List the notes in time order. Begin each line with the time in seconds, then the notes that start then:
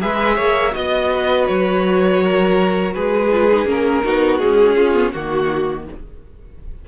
0.00 G#3 G#4 B4 E5
0.36 A#3 C#5
0.71 B3 F#4 D#5
1.14 B4
1.47 F#3 C#5
2.23 A#4
2.94 G#3 G#4 B4
3.31 F4
3.52 D#4
3.64 A#3 C#4 A#4
4.04 B3 D#4 F#4
4.39 G#3 C#4 G#4
4.75 C#4 F4
4.94 B3
5.12 D#3 A#3 F#4